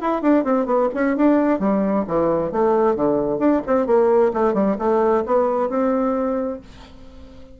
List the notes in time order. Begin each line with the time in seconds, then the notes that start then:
0.00 E4
0.21 D4
0.44 C4
0.65 B3
0.94 C#4
1.16 D4
1.59 G3
2.07 E3
2.51 A3
2.95 D3
3.38 D4
3.66 C4
3.86 A#3
4.33 A3
4.54 G3
4.78 A3
5.25 B3
5.69 C4